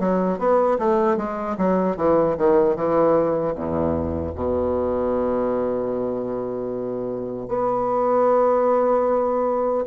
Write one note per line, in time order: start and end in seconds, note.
0.00 0.39 F#3
0.39 0.78 B3
0.79 1.17 A3
1.17 1.57 G#3
1.58 1.97 F#3
1.97 2.36 E3
2.38 2.76 D#3
2.76 3.55 E3
3.55 4.34 E2
4.35 7.49 B2
7.49 9.85 B3